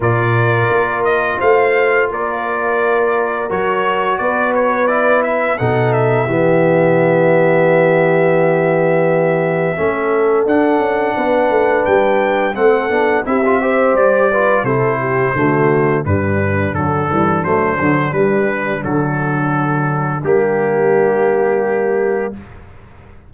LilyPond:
<<
  \new Staff \with { instrumentName = "trumpet" } { \time 4/4 \tempo 4 = 86 d''4. dis''8 f''4 d''4~ | d''4 cis''4 d''8 cis''8 d''8 e''8 | fis''8 e''2.~ e''8~ | e''2. fis''4~ |
fis''4 g''4 fis''4 e''4 | d''4 c''2 b'4 | a'4 c''4 b'4 a'4~ | a'4 g'2. | }
  \new Staff \with { instrumentName = "horn" } { \time 4/4 ais'2 c''4 ais'4~ | ais'2 b'2 | a'4 g'2.~ | g'2 a'2 |
b'2 a'4 g'8 c''8~ | c''8 b'8 a'8 g'8 fis'4 d'4~ | d'1~ | d'1 | }
  \new Staff \with { instrumentName = "trombone" } { \time 4/4 f'1~ | f'4 fis'2 e'4 | dis'4 b2.~ | b2 cis'4 d'4~ |
d'2 c'8 d'8 e'16 f'16 g'8~ | g'8 f'8 e'4 a4 g4 | fis8 g8 a8 fis8 g4 fis4~ | fis4 ais2. | }
  \new Staff \with { instrumentName = "tuba" } { \time 4/4 ais,4 ais4 a4 ais4~ | ais4 fis4 b2 | b,4 e2.~ | e2 a4 d'8 cis'8 |
b8 a8 g4 a8 b8 c'4 | g4 c4 d4 g,4 | d8 e8 fis8 d8 g4 d4~ | d4 g2. | }
>>